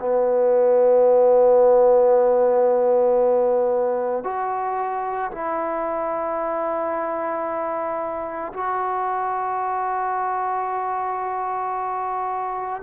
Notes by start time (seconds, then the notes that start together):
0.00 B3
4.24 F#4
5.32 E4
8.54 F#4